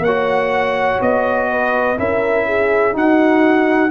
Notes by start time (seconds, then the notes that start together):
0.00 A#3 C#5 F#5
0.07 F#4
1.02 B3 D#5
1.51 B4
1.97 C#4 E4 A#4 E5
2.47 G#4
2.93 D#4 F#4 F#5